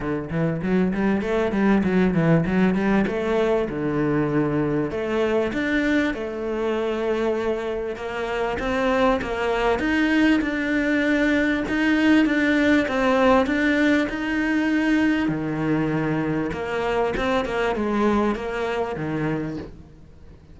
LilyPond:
\new Staff \with { instrumentName = "cello" } { \time 4/4 \tempo 4 = 98 d8 e8 fis8 g8 a8 g8 fis8 e8 | fis8 g8 a4 d2 | a4 d'4 a2~ | a4 ais4 c'4 ais4 |
dis'4 d'2 dis'4 | d'4 c'4 d'4 dis'4~ | dis'4 dis2 ais4 | c'8 ais8 gis4 ais4 dis4 | }